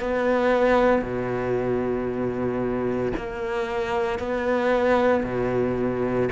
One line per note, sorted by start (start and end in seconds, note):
0.00 1.02 B3
1.02 3.12 B2
3.17 4.19 A#3
4.19 5.23 B3
5.23 6.29 B2